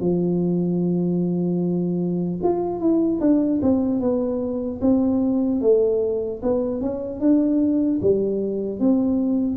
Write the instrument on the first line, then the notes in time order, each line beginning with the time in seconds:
tuba
0.00 F3
2.43 F4
2.79 E4
3.20 D4
3.62 C4
4.00 B3
4.81 C4
5.61 A3
6.43 B3
6.81 C#4
7.20 D4
8.01 G3
8.80 C4